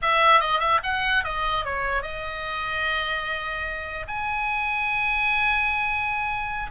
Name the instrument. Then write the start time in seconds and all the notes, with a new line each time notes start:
oboe
0.02 E5
0.40 D#5
0.59 E5
0.83 F#5
1.24 D#5
1.64 C#5
2.02 D#5
4.07 G#5